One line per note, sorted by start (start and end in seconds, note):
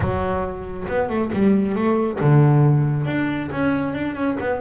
0.00 0.85 F#3
0.88 1.09 B3
1.09 1.31 A3
1.33 1.75 G3
1.75 2.19 A3
2.20 3.06 D3
3.06 3.49 D4
3.51 3.94 C#4
3.94 4.15 D4
4.15 4.37 C#4
4.40 4.60 B3